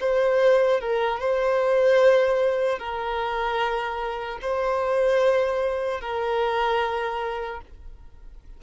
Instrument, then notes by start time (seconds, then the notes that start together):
violin
0.00 C5
0.80 A#4
1.20 C5
2.78 A#4
4.41 C5
6.00 A#4